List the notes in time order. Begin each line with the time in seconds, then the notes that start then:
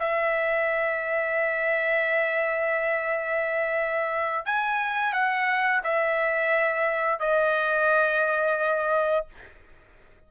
0.00 E5
4.46 G#5
5.13 F#5
5.84 E5
7.20 D#5